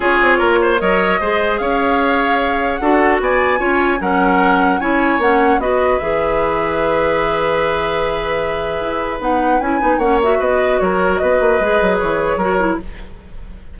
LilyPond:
<<
  \new Staff \with { instrumentName = "flute" } { \time 4/4 \tempo 4 = 150 cis''2 dis''2 | f''2. fis''4 | gis''2 fis''2 | gis''4 fis''4 dis''4 e''4~ |
e''1~ | e''2. fis''4 | gis''4 fis''8 e''8 dis''4 cis''4 | dis''2 cis''2 | }
  \new Staff \with { instrumentName = "oboe" } { \time 4/4 gis'4 ais'8 c''8 cis''4 c''4 | cis''2. a'4 | d''4 cis''4 ais'2 | cis''2 b'2~ |
b'1~ | b'1~ | b'4 cis''4 b'4 ais'4 | b'2. ais'4 | }
  \new Staff \with { instrumentName = "clarinet" } { \time 4/4 f'2 ais'4 gis'4~ | gis'2. fis'4~ | fis'4 f'4 cis'2 | e'4 cis'4 fis'4 gis'4~ |
gis'1~ | gis'2. dis'4 | e'8 dis'8 cis'8 fis'2~ fis'8~ | fis'4 gis'2 fis'8 e'8 | }
  \new Staff \with { instrumentName = "bassoon" } { \time 4/4 cis'8 c'8 ais4 fis4 gis4 | cis'2. d'4 | b4 cis'4 fis2 | cis'4 ais4 b4 e4~ |
e1~ | e2 e'4 b4 | cis'8 b8 ais4 b4 fis4 | b8 ais8 gis8 fis8 e4 fis4 | }
>>